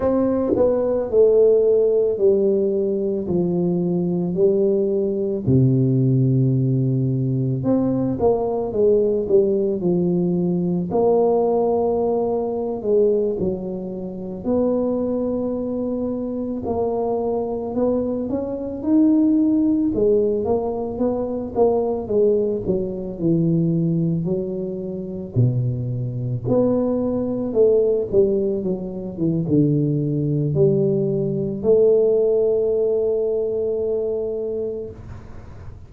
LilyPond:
\new Staff \with { instrumentName = "tuba" } { \time 4/4 \tempo 4 = 55 c'8 b8 a4 g4 f4 | g4 c2 c'8 ais8 | gis8 g8 f4 ais4.~ ais16 gis16~ | gis16 fis4 b2 ais8.~ |
ais16 b8 cis'8 dis'4 gis8 ais8 b8 ais16~ | ais16 gis8 fis8 e4 fis4 b,8.~ | b,16 b4 a8 g8 fis8 e16 d4 | g4 a2. | }